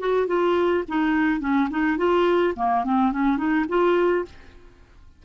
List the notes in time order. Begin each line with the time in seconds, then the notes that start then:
0.00 F#4
0.28 F4
0.89 D#4
1.40 C#4
1.71 D#4
1.98 F4
2.56 A#3
2.85 C4
3.13 C#4
3.38 D#4
3.69 F4